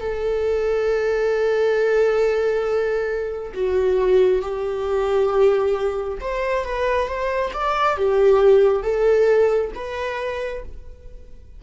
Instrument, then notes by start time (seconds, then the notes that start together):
viola
0.00 A4
3.55 F#4
4.42 G4
6.21 C5
6.65 B4
7.08 C5
7.54 D5
7.97 G4
8.83 A4
9.75 B4